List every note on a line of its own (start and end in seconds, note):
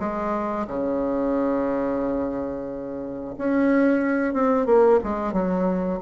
0.00 0.67 G#3
0.68 3.35 C#3
3.38 4.34 C#4
4.34 4.67 C4
4.67 5.00 A#3
5.04 5.33 G#3
5.33 6.00 F#3